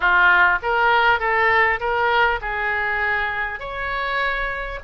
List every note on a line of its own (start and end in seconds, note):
0.00 0.58 F4
0.62 1.19 A#4
1.19 1.79 A4
1.80 2.40 A#4
2.41 3.59 G#4
3.59 4.79 C#5